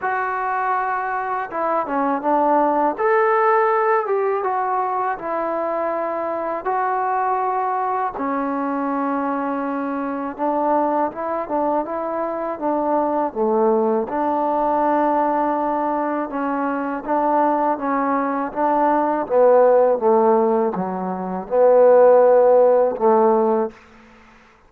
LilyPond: \new Staff \with { instrumentName = "trombone" } { \time 4/4 \tempo 4 = 81 fis'2 e'8 cis'8 d'4 | a'4. g'8 fis'4 e'4~ | e'4 fis'2 cis'4~ | cis'2 d'4 e'8 d'8 |
e'4 d'4 a4 d'4~ | d'2 cis'4 d'4 | cis'4 d'4 b4 a4 | fis4 b2 a4 | }